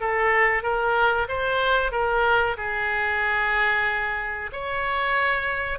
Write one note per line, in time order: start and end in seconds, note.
0.00 0.62 A4
0.62 1.27 A#4
1.28 1.91 C5
1.91 2.56 A#4
2.57 4.50 G#4
4.52 5.78 C#5